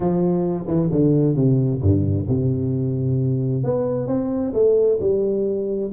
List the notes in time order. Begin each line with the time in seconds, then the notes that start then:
0.00 F3
0.67 E3
0.91 D3
1.35 C3
1.81 G2
2.28 C3
3.63 B3
4.07 C4
4.53 A3
5.00 G3